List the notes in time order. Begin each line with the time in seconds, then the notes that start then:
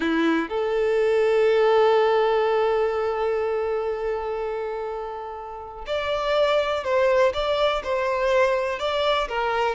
0.00 E4
0.48 A4
5.86 D5
6.83 C5
7.33 D5
7.83 C5
8.79 D5
9.28 A#4